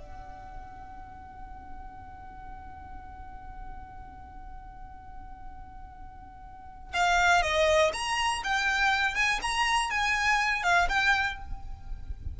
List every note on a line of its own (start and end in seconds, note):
0.00 6.94 F#5
6.94 7.42 F5
7.42 7.92 D#5
7.94 8.43 A#5
8.44 9.15 G5
9.15 9.40 G#5
9.42 9.91 A#5
9.91 10.63 G#5
10.63 10.88 F5
10.89 11.39 G5